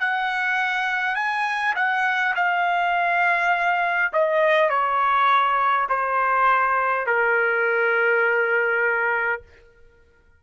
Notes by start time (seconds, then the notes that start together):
0.00 F#5
1.15 G#5
1.76 F#5
2.36 F5
4.13 D#5
4.70 C#5
5.89 C5
7.06 A#4